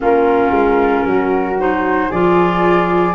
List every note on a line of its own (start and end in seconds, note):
0.00 0.50 A#3
0.00 1.55 C#4
0.00 1.06 F4
0.00 1.60 A#4
0.50 1.03 G#3
1.04 2.10 F#3
1.04 2.09 F#4
1.59 2.11 D#4
1.59 2.11 C5
2.09 3.14 F3
2.09 3.14 F4
2.09 3.14 G#4
2.09 3.14 D5